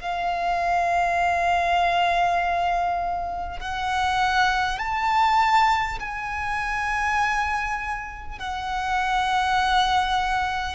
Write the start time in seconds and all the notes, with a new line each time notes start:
0.00 F5
3.60 F#5
4.78 A5
5.99 G#5
8.39 F#5